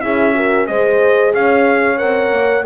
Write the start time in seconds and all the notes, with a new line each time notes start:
0.00 C#4 E4 G#4 E5
0.33 F#4 A#4
0.66 G#3 G#4 C5 D#5
1.34 C#4 C#5 F5
1.98 C4 A#4 F#5
2.31 A#3